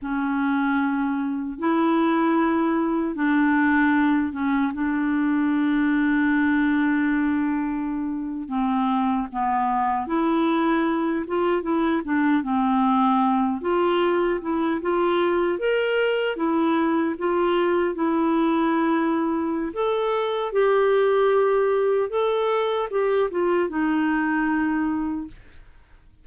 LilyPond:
\new Staff \with { instrumentName = "clarinet" } { \time 4/4 \tempo 4 = 76 cis'2 e'2 | d'4. cis'8 d'2~ | d'2~ d'8. c'4 b16~ | b8. e'4. f'8 e'8 d'8 c'16~ |
c'4~ c'16 f'4 e'8 f'4 ais'16~ | ais'8. e'4 f'4 e'4~ e'16~ | e'4 a'4 g'2 | a'4 g'8 f'8 dis'2 | }